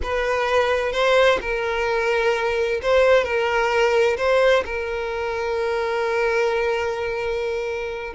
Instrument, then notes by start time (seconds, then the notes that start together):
violin
0.03 B4
0.92 C5
1.41 A#4
2.82 C5
3.23 A#4
4.17 C5
4.65 A#4